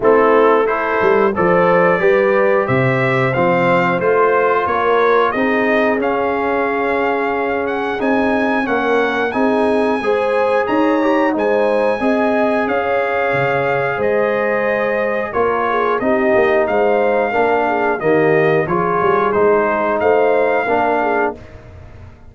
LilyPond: <<
  \new Staff \with { instrumentName = "trumpet" } { \time 4/4 \tempo 4 = 90 a'4 c''4 d''2 | e''4 f''4 c''4 cis''4 | dis''4 f''2~ f''8 fis''8 | gis''4 fis''4 gis''2 |
ais''4 gis''2 f''4~ | f''4 dis''2 cis''4 | dis''4 f''2 dis''4 | cis''4 c''4 f''2 | }
  \new Staff \with { instrumentName = "horn" } { \time 4/4 e'4 a'4 c''4 b'4 | c''2. ais'4 | gis'1~ | gis'4 ais'4 gis'4 c''4 |
cis''4 c''4 dis''4 cis''4~ | cis''4 c''2 ais'8 gis'8 | g'4 c''4 ais'8 gis'8 g'4 | gis'2 c''4 ais'8 gis'8 | }
  \new Staff \with { instrumentName = "trombone" } { \time 4/4 c'4 e'4 a'4 g'4~ | g'4 c'4 f'2 | dis'4 cis'2. | dis'4 cis'4 dis'4 gis'4~ |
gis'8 g'8 dis'4 gis'2~ | gis'2. f'4 | dis'2 d'4 ais4 | f'4 dis'2 d'4 | }
  \new Staff \with { instrumentName = "tuba" } { \time 4/4 a4. g8 f4 g4 | c4 f4 a4 ais4 | c'4 cis'2. | c'4 ais4 c'4 gis4 |
dis'4 gis4 c'4 cis'4 | cis4 gis2 ais4 | c'8 ais8 gis4 ais4 dis4 | f8 g8 gis4 a4 ais4 | }
>>